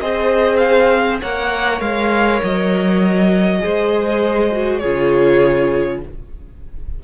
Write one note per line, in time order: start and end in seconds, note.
0.00 1.21 C4
0.00 1.21 G#4
0.00 1.20 C5
0.00 0.57 D#5
0.57 1.17 F5
1.20 1.80 A#3
1.20 3.59 A#4
1.20 3.60 C#5
1.20 1.80 F#5
1.80 2.40 G#3
1.80 2.41 F5
2.43 3.63 F#3
2.43 4.79 D#5
3.59 4.84 G#3
3.59 4.49 G#4
3.59 4.80 C5
4.52 4.82 F#4
4.79 6.04 C#3
4.79 6.03 F4
4.79 6.00 G#4
4.79 5.99 C#5